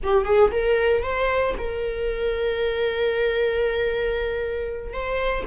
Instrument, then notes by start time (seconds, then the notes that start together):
viola
0.03 G4
0.24 G#4
0.51 A#4
1.03 C5
1.58 A#4
4.93 C5